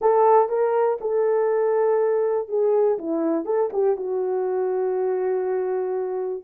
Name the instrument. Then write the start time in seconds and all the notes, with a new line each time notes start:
horn
0.01 A4
0.48 A#4
1.01 A4
2.48 G#4
2.98 E4
3.45 A4
3.72 G4
3.96 F#4